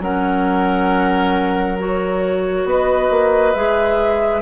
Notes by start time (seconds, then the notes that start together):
0.00 F#3 C#4 A#4 F#5
1.79 F#4 C#5
2.65 B3 B4 D#5
3.10 A#3
3.54 G#3 G#4 E5